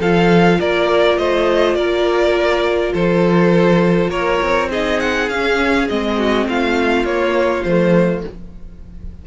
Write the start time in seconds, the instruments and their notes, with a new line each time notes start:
0.00 cello F3, viola F4, violin A4 F5
0.60 cello A#3, violin A#4 D5
1.18 cello A3, violin C5 D#5
1.75 cello A#3, violin A#4 D5
2.93 cello F3, violin A4 C5
4.09 cello A#3, violin A#4 C#5
4.42 cello C4
4.70 viola D#4, violin G#4 D#5
5.00 violin F#5
5.29 cello C#4, viola C#4, violin F5
5.89 cello G#3, viola C4, violin D#5
6.18 violin F#4
6.46 cello A3, violin F4 F5
7.05 cello A#3, viola A#3, violin C#5
7.64 cello F3, viola A3, violin C5